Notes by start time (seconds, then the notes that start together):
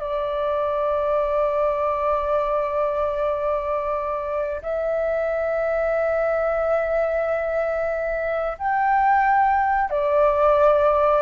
0.00 D5
4.62 E5
8.58 G5
9.90 D5